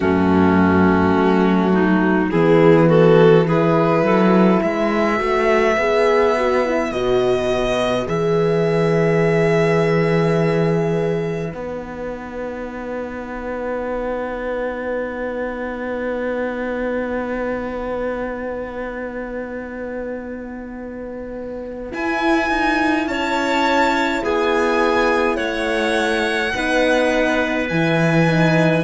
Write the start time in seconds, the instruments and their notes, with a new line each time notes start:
0.00 cello F#2, horn A3, clarinet C#4, violin F#4
1.16 cello F#3
1.73 clarinet D#4
2.31 cello E3, horn B3, clarinet E4, violin G#4
2.88 clarinet F#4, violin A4
3.46 horn E4, clarinet G#4, violin B4
4.02 cello F#3, clarinet A4
4.62 cello G#3, clarinet B4, violin E5
5.16 cello A3, horn F#4
5.77 cello B3, horn G#4
6.37 horn F#4
6.65 horn E4
6.91 cello B2, horn F#4, violin D#5
8.06 cello E3, horn G#4, violin E5
11.51 cello B3, horn D#4, violin F#5
21.91 horn E4, cello E4, violin G#5
22.49 cello D#4
23.06 cello C#4, clarinet C#5, violin A5
24.23 cello B3, clarinet G#4, violin G#5
25.36 cello A3, clarinet C#5, violin F#5
26.54 cello B3, horn D#4, clarinet B4
27.69 cello E3, horn E4, violin G#5
28.26 horn D#4